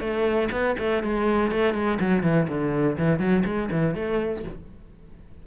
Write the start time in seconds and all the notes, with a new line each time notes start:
0.00 A3
0.52 B3
0.79 A3
1.03 G#3
1.51 A3
1.74 G#3
2.00 F#3
2.23 E3
2.49 D3
2.98 E3
3.19 F#3
3.45 G#3
3.71 E3
3.95 A3